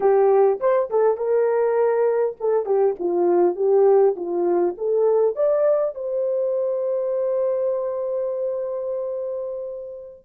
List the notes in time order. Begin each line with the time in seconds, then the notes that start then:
0.00 G4
0.59 C5
0.89 A4
1.17 A#4
2.40 A4
2.65 G4
2.99 F4
3.55 G4
4.16 F4
4.77 A4
5.35 D5
5.94 C5